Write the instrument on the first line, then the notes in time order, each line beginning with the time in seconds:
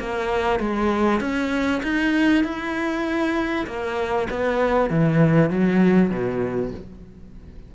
cello
0.00 A#3
0.60 G#3
1.21 C#4
1.83 D#4
2.44 E4
3.67 A#3
4.31 B3
4.91 E3
5.50 F#3
6.10 B2